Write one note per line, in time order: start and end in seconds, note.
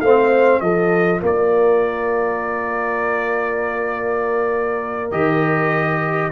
0.00 0.61 A3
0.00 0.63 C5
0.00 0.60 F5
0.07 0.64 C4
0.60 1.21 F3
0.60 5.11 F4
0.60 1.22 A4
0.60 1.20 D#5
1.22 5.11 A#3
1.22 6.31 A#4
1.22 5.11 D5
5.11 6.31 D#3
5.11 6.31 G4
5.11 6.31 D#5